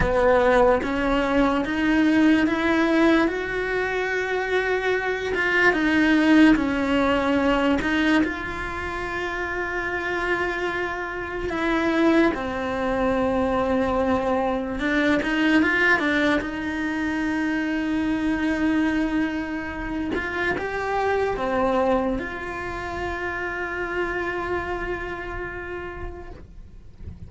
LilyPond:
\new Staff \with { instrumentName = "cello" } { \time 4/4 \tempo 4 = 73 b4 cis'4 dis'4 e'4 | fis'2~ fis'8 f'8 dis'4 | cis'4. dis'8 f'2~ | f'2 e'4 c'4~ |
c'2 d'8 dis'8 f'8 d'8 | dis'1~ | dis'8 f'8 g'4 c'4 f'4~ | f'1 | }